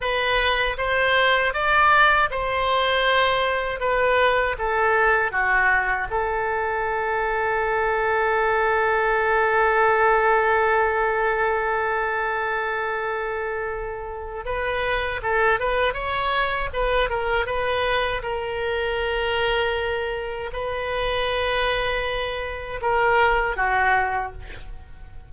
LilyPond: \new Staff \with { instrumentName = "oboe" } { \time 4/4 \tempo 4 = 79 b'4 c''4 d''4 c''4~ | c''4 b'4 a'4 fis'4 | a'1~ | a'1~ |
a'2. b'4 | a'8 b'8 cis''4 b'8 ais'8 b'4 | ais'2. b'4~ | b'2 ais'4 fis'4 | }